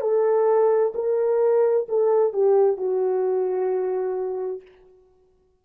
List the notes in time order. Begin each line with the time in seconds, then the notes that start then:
0.00 A4
0.94 A#4
1.88 A4
2.32 G4
2.77 F#4